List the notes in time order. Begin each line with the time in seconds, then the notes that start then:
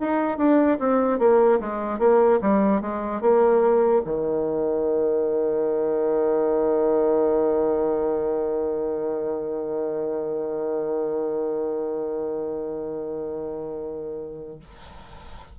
0.00 D#4
0.38 D4
0.79 C4
1.19 A#3
1.60 G#3
1.99 A#3
2.41 G3
2.81 G#3
3.21 A#3
4.05 D#3